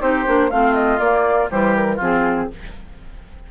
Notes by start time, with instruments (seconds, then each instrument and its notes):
0.00 bassoon C4, clarinet D#4, oboe G4, flute C5
0.26 bassoon A#3, clarinet D4
0.50 bassoon A3, clarinet C4, oboe F4, flute F5
0.75 flute D#5
0.99 bassoon A#3, clarinet A#3, flute D5
1.49 bassoon E3, clarinet G3, oboe G4, flute C5
1.75 flute A#4
1.96 bassoon F3, clarinet C4, oboe F4, flute G#4